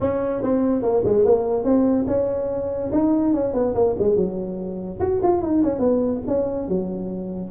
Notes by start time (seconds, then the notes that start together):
0.00 C#4
0.42 C4
0.82 A#3
1.05 G#3
1.25 A#3
1.64 C4
2.07 C#4
2.91 D#4
3.33 C#4
3.53 B3
3.75 A#3
3.98 G#3
4.16 F#3
5.00 F#4
5.23 F4
5.42 D#4
5.63 C#4
5.79 B3
6.27 C#4
6.68 F#3